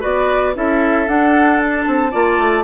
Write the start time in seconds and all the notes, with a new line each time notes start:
0.00 B3 F#4 B4 D5
0.55 C#4 E4 A4 E5
1.07 D4 F#5
1.61 A5
1.86 C4
2.11 A#3 F4 D5
2.38 A3